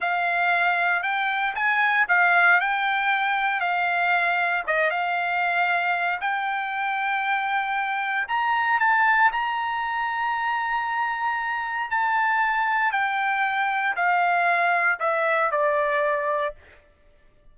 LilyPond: \new Staff \with { instrumentName = "trumpet" } { \time 4/4 \tempo 4 = 116 f''2 g''4 gis''4 | f''4 g''2 f''4~ | f''4 dis''8 f''2~ f''8 | g''1 |
ais''4 a''4 ais''2~ | ais''2. a''4~ | a''4 g''2 f''4~ | f''4 e''4 d''2 | }